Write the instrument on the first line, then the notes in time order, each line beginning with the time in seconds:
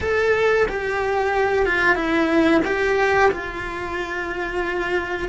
cello
0.01 A4
0.68 G4
1.65 F4
1.95 E4
2.65 G4
3.31 F4